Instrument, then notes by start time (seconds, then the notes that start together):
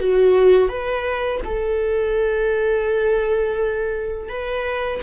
viola
0.00 F#4
0.69 B4
1.45 A4
4.29 B4